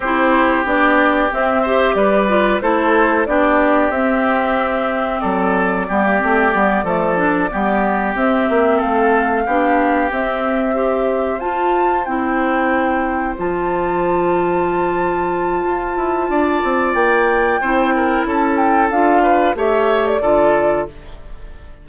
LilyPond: <<
  \new Staff \with { instrumentName = "flute" } { \time 4/4 \tempo 4 = 92 c''4 d''4 e''4 d''4 | c''4 d''4 e''2 | d''1~ | d''8 e''4 f''2 e''8~ |
e''4. a''4 g''4.~ | g''8 a''2.~ a''8~ | a''2 g''2 | a''8 g''8 f''4 e''8. d''4~ d''16 | }
  \new Staff \with { instrumentName = "oboe" } { \time 4/4 g'2~ g'8 c''8 b'4 | a'4 g'2. | a'4 g'4. a'4 g'8~ | g'4. a'4 g'4.~ |
g'8 c''2.~ c''8~ | c''1~ | c''4 d''2 c''8 ais'8 | a'4. b'8 cis''4 a'4 | }
  \new Staff \with { instrumentName = "clarinet" } { \time 4/4 e'4 d'4 c'8 g'4 f'8 | e'4 d'4 c'2~ | c'4 b16 ais16 c'8 b8 a8 d'8 b8~ | b8 c'2 d'4 c'8~ |
c'8 g'4 f'4 e'4.~ | e'8 f'2.~ f'8~ | f'2. e'4~ | e'4 f'4 g'4 f'4 | }
  \new Staff \with { instrumentName = "bassoon" } { \time 4/4 c'4 b4 c'4 g4 | a4 b4 c'2 | fis4 g8 a8 g8 f4 g8~ | g8 c'8 ais8 a4 b4 c'8~ |
c'4. f'4 c'4.~ | c'8 f2.~ f8 | f'8 e'8 d'8 c'8 ais4 c'4 | cis'4 d'4 a4 d4 | }
>>